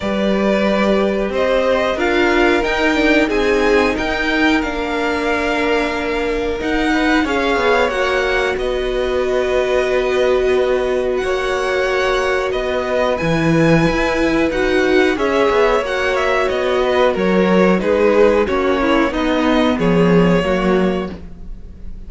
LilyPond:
<<
  \new Staff \with { instrumentName = "violin" } { \time 4/4 \tempo 4 = 91 d''2 dis''4 f''4 | g''4 gis''4 g''4 f''4~ | f''2 fis''4 f''4 | fis''4 dis''2.~ |
dis''4 fis''2 dis''4 | gis''2 fis''4 e''4 | fis''8 e''8 dis''4 cis''4 b'4 | cis''4 dis''4 cis''2 | }
  \new Staff \with { instrumentName = "violin" } { \time 4/4 b'2 c''4 ais'4~ | ais'4 gis'4 ais'2~ | ais'2~ ais'8 b'8 cis''4~ | cis''4 b'2.~ |
b'4 cis''2 b'4~ | b'2. cis''4~ | cis''4. b'8 ais'4 gis'4 | fis'8 e'8 dis'4 gis'4 fis'4 | }
  \new Staff \with { instrumentName = "viola" } { \time 4/4 g'2. f'4 | dis'8 d'8 dis'2 d'4~ | d'2 dis'4 gis'4 | fis'1~ |
fis'1 | e'2 fis'4 gis'4 | fis'2. dis'4 | cis'4 b2 ais4 | }
  \new Staff \with { instrumentName = "cello" } { \time 4/4 g2 c'4 d'4 | dis'4 c'4 dis'4 ais4~ | ais2 dis'4 cis'8 b8 | ais4 b2.~ |
b4 ais2 b4 | e4 e'4 dis'4 cis'8 b8 | ais4 b4 fis4 gis4 | ais4 b4 f4 fis4 | }
>>